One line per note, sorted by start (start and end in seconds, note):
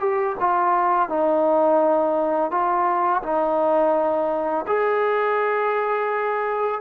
0.00 0.36 G4
0.40 1.09 F4
1.09 2.51 D#4
2.51 3.23 F4
3.23 4.66 D#4
4.67 6.81 G#4